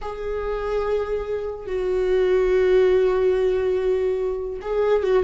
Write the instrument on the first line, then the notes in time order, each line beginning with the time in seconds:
viola
0.01 G#4
1.66 F#4
4.61 G#4
5.03 F#4